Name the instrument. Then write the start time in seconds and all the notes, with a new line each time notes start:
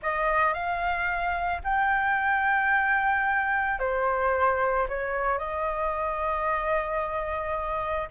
flute
0.02 D#5
0.53 F5
1.63 G5
3.79 C5
4.88 C#5
5.38 D#5